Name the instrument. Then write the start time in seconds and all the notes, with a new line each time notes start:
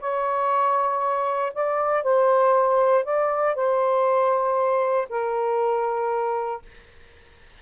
saxophone
0.00 C#5
1.54 D5
2.03 C5
3.04 D5
3.55 C5
5.09 A#4